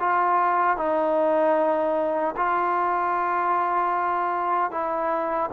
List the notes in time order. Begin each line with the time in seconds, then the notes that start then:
0.00 F4
0.77 D#4
2.36 F4
4.71 E4